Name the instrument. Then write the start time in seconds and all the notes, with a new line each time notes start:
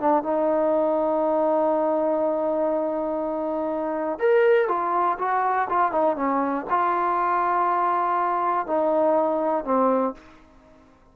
trombone
0.00 D4
0.23 D#4
4.19 A#4
4.68 F4
5.19 F#4
5.69 F4
5.92 D#4
6.16 C#4
6.70 F4
8.66 D#4
9.64 C4